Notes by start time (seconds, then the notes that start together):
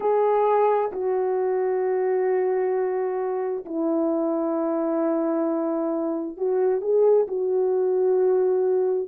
0.00 G#4
0.92 F#4
3.65 E4
6.37 F#4
6.81 G#4
7.27 F#4